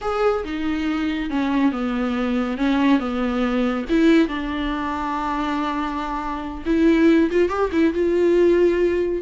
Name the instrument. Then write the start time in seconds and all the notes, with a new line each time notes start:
viola
0.01 G#4
0.44 D#4
1.30 C#4
1.72 B3
2.57 C#4
2.99 B3
3.89 E4
4.28 D4
6.65 E4
7.30 F4
7.49 G4
7.72 E4
7.93 F4